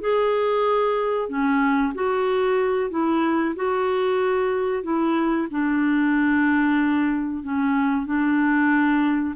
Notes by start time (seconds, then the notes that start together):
0.00 G#4
1.28 C#4
1.94 F#4
2.90 E4
3.55 F#4
4.83 E4
5.50 D4
7.43 C#4
8.06 D4